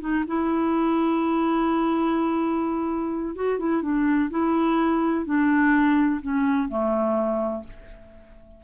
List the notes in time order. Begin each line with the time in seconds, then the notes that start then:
0.00 D#4
0.27 E4
3.35 F#4
3.59 E4
3.82 D4
4.30 E4
5.25 D4
6.21 C#4
6.68 A3